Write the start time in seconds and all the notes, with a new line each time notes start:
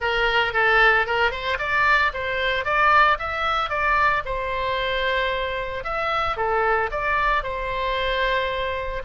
0.00 A#4
0.53 A4
1.06 A#4
1.31 C5
1.58 D5
2.13 C5
2.64 D5
3.19 E5
3.69 D5
4.25 C5
5.84 E5
6.36 A4
6.91 D5
7.43 C5